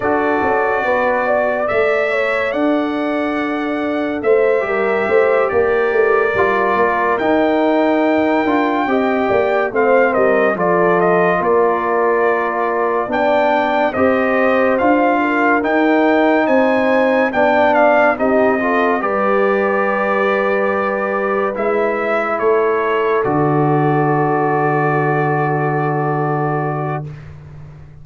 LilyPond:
<<
  \new Staff \with { instrumentName = "trumpet" } { \time 4/4 \tempo 4 = 71 d''2 e''4 fis''4~ | fis''4 e''4. d''4.~ | d''8 g''2. f''8 | dis''8 d''8 dis''8 d''2 g''8~ |
g''8 dis''4 f''4 g''4 gis''8~ | gis''8 g''8 f''8 dis''4 d''4.~ | d''4. e''4 cis''4 d''8~ | d''1 | }
  \new Staff \with { instrumentName = "horn" } { \time 4/4 a'4 b'8 d''4 cis''8 d''4~ | d''4 c''8 ais'8 c''8 ais'4.~ | ais'2~ ais'8 dis''8 d''8 c''8 | ais'8 a'4 ais'2 d''8~ |
d''8 c''4. ais'4. c''8~ | c''8 d''4 g'8 a'8 b'4.~ | b'2~ b'8 a'4.~ | a'1 | }
  \new Staff \with { instrumentName = "trombone" } { \time 4/4 fis'2 a'2~ | a'4. g'2 f'8~ | f'8 dis'4. f'8 g'4 c'8~ | c'8 f'2. d'8~ |
d'8 g'4 f'4 dis'4.~ | dis'8 d'4 dis'8 f'8 g'4.~ | g'4. e'2 fis'8~ | fis'1 | }
  \new Staff \with { instrumentName = "tuba" } { \time 4/4 d'8 cis'8 b4 a4 d'4~ | d'4 a8 g8 a8 ais8 a8 g8 | ais8 dis'4. d'8 c'8 ais8 a8 | g8 f4 ais2 b8~ |
b8 c'4 d'4 dis'4 c'8~ | c'8 b4 c'4 g4.~ | g4. gis4 a4 d8~ | d1 | }
>>